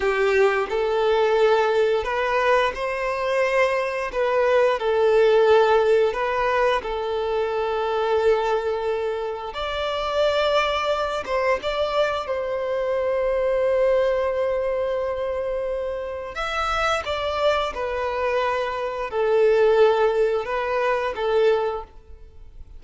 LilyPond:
\new Staff \with { instrumentName = "violin" } { \time 4/4 \tempo 4 = 88 g'4 a'2 b'4 | c''2 b'4 a'4~ | a'4 b'4 a'2~ | a'2 d''2~ |
d''8 c''8 d''4 c''2~ | c''1 | e''4 d''4 b'2 | a'2 b'4 a'4 | }